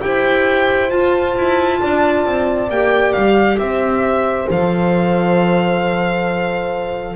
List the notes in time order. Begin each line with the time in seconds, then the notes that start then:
0.00 E4 G4 C5 G5
0.88 F4 A5
1.37 E4
1.80 D4 D5
2.25 C4
2.69 A#3 G4 G5
3.12 G3 F5
3.58 C4 C5 E5
4.48 F3 A4 F5